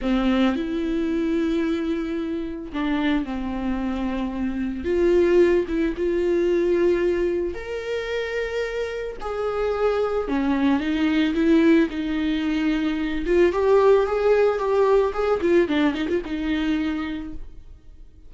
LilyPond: \new Staff \with { instrumentName = "viola" } { \time 4/4 \tempo 4 = 111 c'4 e'2.~ | e'4 d'4 c'2~ | c'4 f'4. e'8 f'4~ | f'2 ais'2~ |
ais'4 gis'2 cis'4 | dis'4 e'4 dis'2~ | dis'8 f'8 g'4 gis'4 g'4 | gis'8 f'8 d'8 dis'16 f'16 dis'2 | }